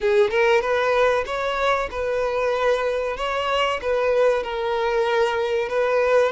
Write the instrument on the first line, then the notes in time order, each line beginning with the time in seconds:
violin
0.01 G#4
0.30 A#4
0.61 B4
1.26 C#5
1.90 B4
3.16 C#5
3.81 B4
4.43 A#4
5.68 B4